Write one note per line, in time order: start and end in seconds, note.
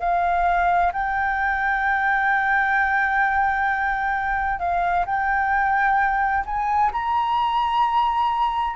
0.00 0.92 F5
0.93 4.59 G5
4.59 5.06 F5
5.06 6.44 G5
6.46 6.92 G#5
6.92 8.76 A#5